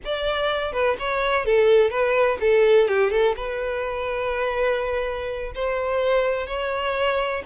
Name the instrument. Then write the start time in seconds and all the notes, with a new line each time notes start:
violin
0.04 D5
0.72 B4
0.99 C#5
1.45 A4
1.90 B4
2.40 A4
2.88 G4
3.10 A4
3.36 B4
5.55 C5
6.46 C#5